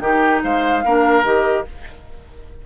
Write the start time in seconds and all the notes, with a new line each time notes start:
0.00 D#3 D#4 G4 G5
0.43 G#3 C5 F5
0.84 A#3 D4 A#4
1.24 D#3 G4 D#5